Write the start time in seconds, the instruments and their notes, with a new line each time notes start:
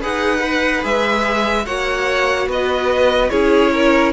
0.00 cello D#4, viola G#4, violin B4 F#5
0.39 viola B4
0.81 cello G#3, viola G#4, violin E5
1.65 cello A#3, viola F#4, violin C#5 F#5
2.47 cello B3, violin B4 D#5
3.29 cello C#4, viola E4, violin G#4 C#5
3.73 violin A#4